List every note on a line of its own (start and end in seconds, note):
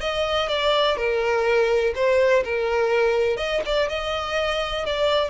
0.00 0.48 D#5
0.48 0.96 D5
0.96 1.93 A#4
1.95 2.43 C5
2.44 3.37 A#4
3.37 3.61 D#5
3.65 3.88 D5
3.88 4.85 D#5
4.85 5.30 D5